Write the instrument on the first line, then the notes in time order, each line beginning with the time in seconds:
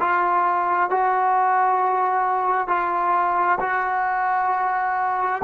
trombone
0.00 F4
0.90 F#4
2.68 F4
3.61 F#4